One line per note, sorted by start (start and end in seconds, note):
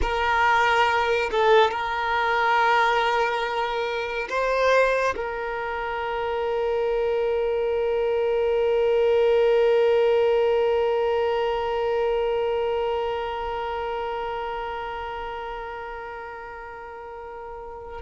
0.01 1.30 A#4
1.31 1.71 A4
1.71 4.28 A#4
4.29 5.14 C5
5.16 18.02 A#4